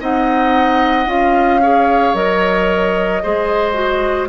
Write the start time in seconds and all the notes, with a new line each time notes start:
0.00 C4 D#4 D#5 F#5
1.07 C#4 F4 F5
1.62 G#4 C#5
2.15 F#3 A#4 D#5
3.23 G#3 G#4 C5
3.74 F#4